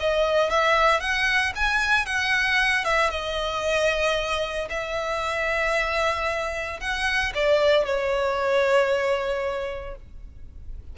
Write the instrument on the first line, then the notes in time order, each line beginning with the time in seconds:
violin
0.00 D#5
0.50 E5
1.00 F#5
1.56 G#5
2.06 F#5
2.85 E5
3.10 D#5
4.70 E5
6.80 F#5
7.35 D5
7.85 C#5